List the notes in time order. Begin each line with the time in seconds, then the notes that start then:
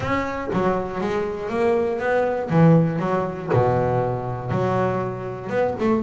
0.00 C#4
0.53 F#3
1.00 G#3
1.49 A#3
1.99 B3
2.50 E3
2.99 F#3
3.53 B2
4.50 F#3
5.49 B3
5.79 A3